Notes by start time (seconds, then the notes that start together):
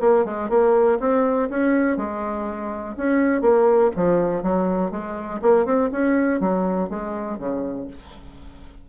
0.00 A#3
0.25 G#3
0.49 A#3
0.99 C4
1.50 C#4
1.97 G#3
2.97 C#4
3.41 A#3
3.96 F3
4.42 F#3
4.91 G#3
5.42 A#3
5.65 C4
5.92 C#4
6.40 F#3
6.89 G#3
7.38 C#3